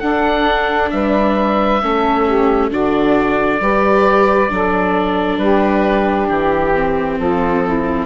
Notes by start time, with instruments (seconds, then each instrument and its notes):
0.00 bassoon D4, viola D4, saxophone A4, oboe F#5
0.90 bassoon G3, saxophone B4, oboe E5
1.82 bassoon A3, viola C#4, saxophone A4
2.26 saxophone G4
2.69 bassoon D3, viola D4, saxophone F#4, oboe D5
3.60 bassoon G3, viola G4, saxophone B4
4.49 bassoon F#3, viola D4, saxophone A4
5.38 bassoon G3, saxophone G4, oboe B4
6.29 bassoon E3, oboe G4
6.74 viola C4
7.18 bassoon F3, saxophone F4, oboe A4
7.64 saxophone E4